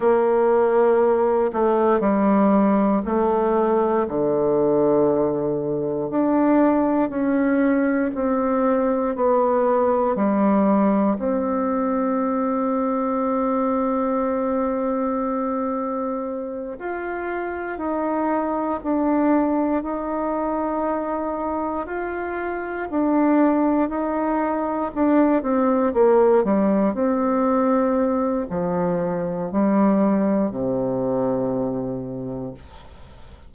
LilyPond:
\new Staff \with { instrumentName = "bassoon" } { \time 4/4 \tempo 4 = 59 ais4. a8 g4 a4 | d2 d'4 cis'4 | c'4 b4 g4 c'4~ | c'1~ |
c'8 f'4 dis'4 d'4 dis'8~ | dis'4. f'4 d'4 dis'8~ | dis'8 d'8 c'8 ais8 g8 c'4. | f4 g4 c2 | }